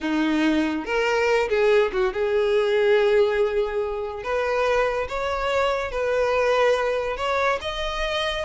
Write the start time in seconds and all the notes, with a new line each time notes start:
0.00 D#4
0.85 A#4
1.49 G#4
1.92 F#4
2.13 G#4
4.23 B4
5.08 C#5
5.91 B4
7.17 C#5
7.61 D#5